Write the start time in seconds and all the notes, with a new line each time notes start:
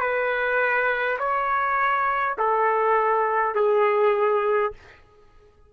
0.00 B4
1.19 C#5
2.38 A4
3.55 G#4